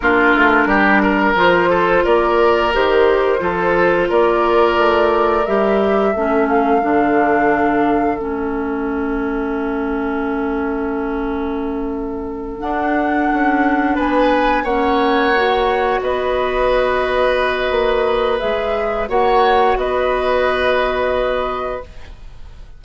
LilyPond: <<
  \new Staff \with { instrumentName = "flute" } { \time 4/4 \tempo 4 = 88 ais'2 c''4 d''4 | c''2 d''2 | e''4. f''2~ f''8 | e''1~ |
e''2~ e''8 fis''4.~ | fis''8 gis''4 fis''2 dis''8~ | dis''2. e''4 | fis''4 dis''2. | }
  \new Staff \with { instrumentName = "oboe" } { \time 4/4 f'4 g'8 ais'4 a'8 ais'4~ | ais'4 a'4 ais'2~ | ais'4 a'2.~ | a'1~ |
a'1~ | a'8 b'4 cis''2 b'8~ | b'1 | cis''4 b'2. | }
  \new Staff \with { instrumentName = "clarinet" } { \time 4/4 d'2 f'2 | g'4 f'2. | g'4 cis'4 d'2 | cis'1~ |
cis'2~ cis'8 d'4.~ | d'4. cis'4 fis'4.~ | fis'2. gis'4 | fis'1 | }
  \new Staff \with { instrumentName = "bassoon" } { \time 4/4 ais8 a8 g4 f4 ais4 | dis4 f4 ais4 a4 | g4 a4 d2 | a1~ |
a2~ a8 d'4 cis'8~ | cis'8 b4 ais2 b8~ | b2 ais4 gis4 | ais4 b2. | }
>>